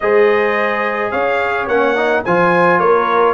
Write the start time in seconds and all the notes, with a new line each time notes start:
0.00 G#3 G#4 C5 D#5
1.11 C#4 C#5 F5
1.66 A#3 C#4 F#5
1.96 D#4
2.24 F3 F4 C5 G#5
2.79 A#3 A#4 C#5